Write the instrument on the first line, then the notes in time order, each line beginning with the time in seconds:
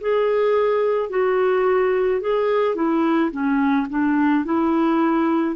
clarinet
0.00 G#4
1.10 F#4
2.21 G#4
2.75 E4
3.31 C#4
3.89 D4
4.45 E4